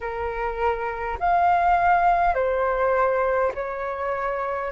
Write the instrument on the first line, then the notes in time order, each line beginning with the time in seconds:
flute
0.01 A#4
1.19 F5
2.34 C5
3.54 C#5